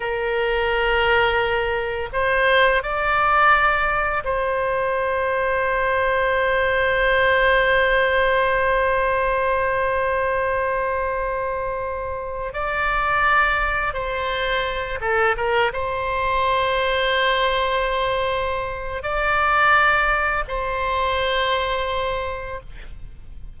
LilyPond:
\new Staff \with { instrumentName = "oboe" } { \time 4/4 \tempo 4 = 85 ais'2. c''4 | d''2 c''2~ | c''1~ | c''1~ |
c''4.~ c''16 d''2 c''16~ | c''4~ c''16 a'8 ais'8 c''4.~ c''16~ | c''2. d''4~ | d''4 c''2. | }